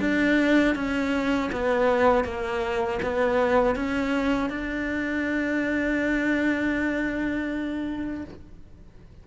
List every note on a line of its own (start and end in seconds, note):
0.00 0.75 D4
0.75 1.50 C#4
1.52 2.24 B3
2.24 2.99 A#3
3.02 3.76 B3
3.76 4.50 C#4
4.50 8.25 D4